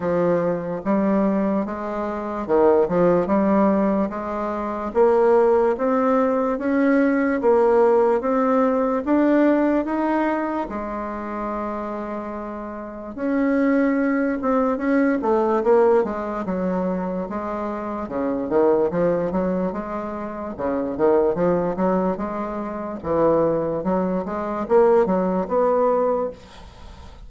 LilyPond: \new Staff \with { instrumentName = "bassoon" } { \time 4/4 \tempo 4 = 73 f4 g4 gis4 dis8 f8 | g4 gis4 ais4 c'4 | cis'4 ais4 c'4 d'4 | dis'4 gis2. |
cis'4. c'8 cis'8 a8 ais8 gis8 | fis4 gis4 cis8 dis8 f8 fis8 | gis4 cis8 dis8 f8 fis8 gis4 | e4 fis8 gis8 ais8 fis8 b4 | }